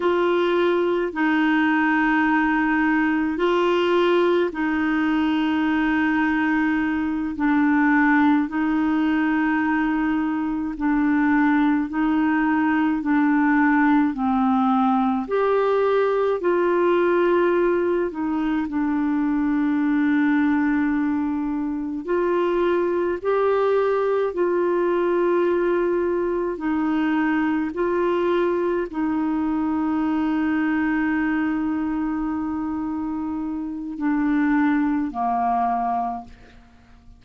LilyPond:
\new Staff \with { instrumentName = "clarinet" } { \time 4/4 \tempo 4 = 53 f'4 dis'2 f'4 | dis'2~ dis'8 d'4 dis'8~ | dis'4. d'4 dis'4 d'8~ | d'8 c'4 g'4 f'4. |
dis'8 d'2. f'8~ | f'8 g'4 f'2 dis'8~ | dis'8 f'4 dis'2~ dis'8~ | dis'2 d'4 ais4 | }